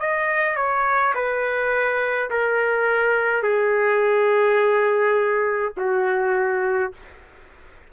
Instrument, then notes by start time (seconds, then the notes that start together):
trumpet
0.00 D#5
0.56 C#5
1.15 B4
2.30 A#4
3.42 G#4
5.77 F#4